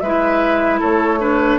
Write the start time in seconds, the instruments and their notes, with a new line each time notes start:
0.00 bassoon G#3, clarinet E4, oboe B4, flute E5
0.79 bassoon A3, oboe A4, flute C#5
1.20 clarinet D4, oboe B4